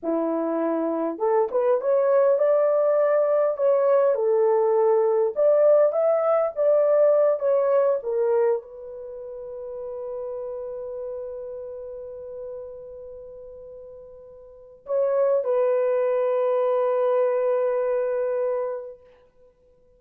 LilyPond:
\new Staff \with { instrumentName = "horn" } { \time 4/4 \tempo 4 = 101 e'2 a'8 b'8 cis''4 | d''2 cis''4 a'4~ | a'4 d''4 e''4 d''4~ | d''8 cis''4 ais'4 b'4.~ |
b'1~ | b'1~ | b'4 cis''4 b'2~ | b'1 | }